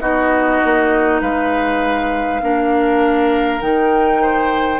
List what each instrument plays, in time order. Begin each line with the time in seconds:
0.00 bassoon B3, clarinet D#4, oboe F#4, flute D#5
0.64 bassoon A#3
1.21 bassoon G#3, oboe B4, flute F5
2.42 bassoon A#3, clarinet D4, oboe A#4
3.60 bassoon D#3, clarinet D#4, flute G5
4.21 oboe C5